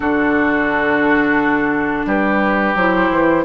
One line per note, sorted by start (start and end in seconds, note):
0.00 2.05 D3
0.00 2.75 D4
0.00 2.06 F#4
0.00 2.05 A4
2.05 2.74 G3
2.05 3.44 G4
2.05 2.76 B4
2.75 3.09 F#3
2.75 3.45 E4
2.75 3.45 C5
3.10 3.44 E3